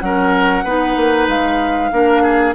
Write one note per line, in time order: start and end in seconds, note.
0.00 0.64 F#3
0.00 0.66 C#4
0.00 0.64 A#4
0.00 1.26 F#5
0.64 0.96 B3
0.64 1.92 D#4
0.64 1.91 B4
0.96 1.28 A#3
1.28 1.91 G#3
1.28 2.55 F5
1.92 2.55 A#3
1.92 2.55 D4
1.92 2.22 A#4
2.22 2.54 G#4